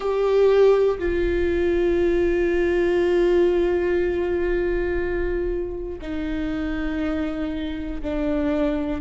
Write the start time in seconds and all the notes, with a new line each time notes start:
0.00 G4
0.99 F4
6.01 D#4
8.01 D4